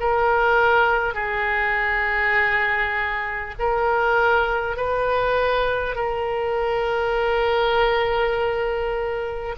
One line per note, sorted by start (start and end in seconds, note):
0.00 1.15 A#4
1.15 3.55 G#4
3.59 4.77 A#4
4.77 5.96 B4
5.96 9.56 A#4